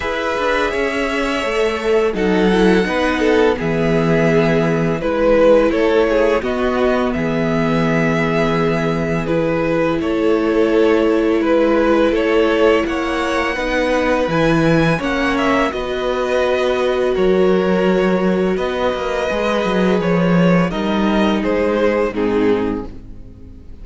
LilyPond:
<<
  \new Staff \with { instrumentName = "violin" } { \time 4/4 \tempo 4 = 84 e''2. fis''4~ | fis''4 e''2 b'4 | cis''4 dis''4 e''2~ | e''4 b'4 cis''2 |
b'4 cis''4 fis''2 | gis''4 fis''8 e''8 dis''2 | cis''2 dis''2 | cis''4 dis''4 c''4 gis'4 | }
  \new Staff \with { instrumentName = "violin" } { \time 4/4 b'4 cis''2 a'4 | b'8 a'8 gis'2 b'4 | a'8 gis'8 fis'4 gis'2~ | gis'2 a'2 |
b'4 a'4 cis''4 b'4~ | b'4 cis''4 b'2 | ais'2 b'2~ | b'4 ais'4 gis'4 dis'4 | }
  \new Staff \with { instrumentName = "viola" } { \time 4/4 gis'2 a'4 dis'8 e'8 | dis'4 b2 e'4~ | e'4 b2.~ | b4 e'2.~ |
e'2. dis'4 | e'4 cis'4 fis'2~ | fis'2. gis'4~ | gis'4 dis'2 c'4 | }
  \new Staff \with { instrumentName = "cello" } { \time 4/4 e'8 d'8 cis'4 a4 fis4 | b4 e2 gis4 | a4 b4 e2~ | e2 a2 |
gis4 a4 ais4 b4 | e4 ais4 b2 | fis2 b8 ais8 gis8 fis8 | f4 g4 gis4 gis,4 | }
>>